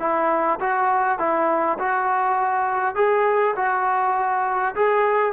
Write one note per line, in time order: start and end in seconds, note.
0.00 0.59 E4
0.60 1.19 F#4
1.19 1.78 E4
1.79 2.96 F#4
2.96 3.55 G#4
3.56 4.75 F#4
4.76 5.33 G#4